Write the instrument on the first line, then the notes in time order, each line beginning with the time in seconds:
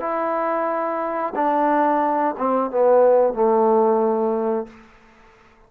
trombone
0.00 E4
1.35 D4
2.38 C4
2.71 B3
3.33 A3